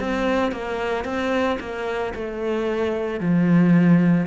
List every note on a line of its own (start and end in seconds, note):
0.00 0.52 C4
0.52 1.05 A#3
1.05 1.58 C4
1.60 2.14 A#3
2.15 3.20 A3
3.20 4.27 F3